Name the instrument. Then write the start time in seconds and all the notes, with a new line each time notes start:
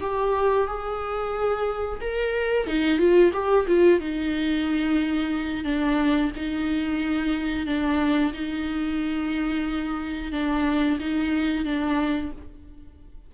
viola
0.00 G4
0.67 G#4
2.00 A#4
2.66 D#4
2.98 F4
3.33 G4
3.67 F4
3.99 D#4
5.64 D4
6.36 D#4
7.66 D4
8.33 D#4
10.32 D4
10.99 D#4
11.65 D4